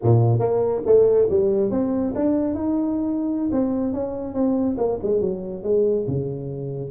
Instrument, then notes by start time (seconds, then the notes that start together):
tuba
0.02 A#2
0.39 A#3
0.86 A3
1.30 G3
1.70 C4
2.15 D4
2.54 D#4
3.52 C4
3.93 C#4
4.33 C4
4.77 A#3
5.02 G#3
5.21 F#3
5.63 G#3
6.07 C#3